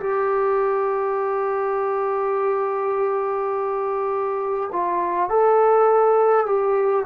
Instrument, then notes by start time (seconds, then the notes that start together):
trombone
0.00 G4
4.72 F4
5.29 A4
6.46 G4